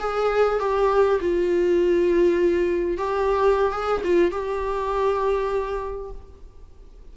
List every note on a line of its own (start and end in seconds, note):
0.00 0.60 G#4
0.60 1.20 G4
1.21 2.98 F4
2.98 3.72 G4
3.72 4.02 G#4
4.04 4.32 F4
4.32 6.12 G4